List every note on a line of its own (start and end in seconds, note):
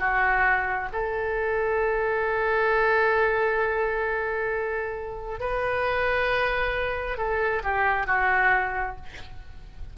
0.00 0.90 F#4
0.93 5.41 A4
5.41 7.18 B4
7.18 7.63 A4
7.64 8.07 G4
8.07 8.97 F#4